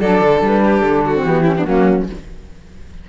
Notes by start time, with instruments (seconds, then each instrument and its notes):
0.00 cello F#3, saxophone D4, violin A4, flute D5
0.21 cello D3
0.41 cello G3, flute B4
0.64 violin G4
0.80 cello D3, flute A4
1.05 violin F#4
1.15 saxophone C4
1.23 cello E3, saxophone B3, flute G4
1.43 saxophone C#4, violin E4
1.57 saxophone B3, violin D4
1.65 cello F#3, saxophone A#3, violin C#4, flute F#4